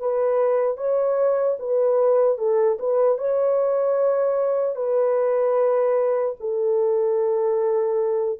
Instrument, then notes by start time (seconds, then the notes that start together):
horn
0.00 B4
0.77 C#5
1.59 B4
2.38 A4
2.79 B4
3.18 C#5
4.76 B4
6.40 A4